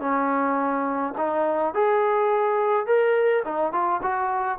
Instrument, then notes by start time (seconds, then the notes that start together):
trombone
0.00 C#4
1.18 D#4
1.74 G#4
2.86 A#4
3.45 D#4
3.72 F4
4.03 F#4